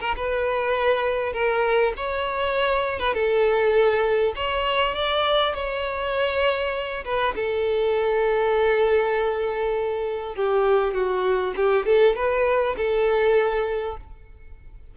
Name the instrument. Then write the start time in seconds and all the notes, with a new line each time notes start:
violin
0.00 A#4
0.16 B4
1.33 A#4
1.96 C#5
2.99 B4
3.14 A4
4.36 C#5
4.94 D5
5.54 C#5
7.04 B4
7.35 A4
10.35 G4
10.94 F#4
11.56 G4
11.86 A4
12.16 B4
12.77 A4